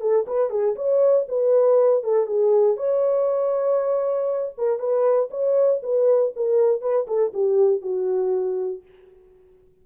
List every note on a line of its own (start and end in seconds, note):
0.00 0.25 A4
0.27 0.50 B4
0.50 0.75 G#4
0.75 1.26 C#5
1.28 2.03 B4
2.03 2.26 A4
2.26 2.76 G#4
2.76 4.53 C#5
4.57 4.79 A#4
4.79 5.29 B4
5.30 5.81 C#5
5.83 6.33 B4
6.36 6.81 A#4
6.81 7.06 B4
7.07 7.32 A4
7.33 7.81 G4
7.81 8.82 F#4